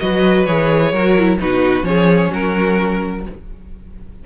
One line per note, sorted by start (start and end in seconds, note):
0.00 0.47 F#3
0.00 0.47 F#4
0.00 0.92 B4
0.00 0.46 D#5
0.46 0.93 E3
0.46 0.94 G#4
0.46 1.39 C#5
0.92 1.39 F#3
0.92 1.18 F#4
0.92 1.39 A#4
1.18 1.38 E4
1.38 1.83 B2
1.38 1.83 D#4
1.38 1.87 F#4
1.38 1.85 B4
1.83 2.29 F3
1.83 3.23 C#4
1.83 2.31 G#4
1.83 2.32 C#5
2.31 3.26 F#3
2.31 3.24 F#4
2.31 3.27 A#4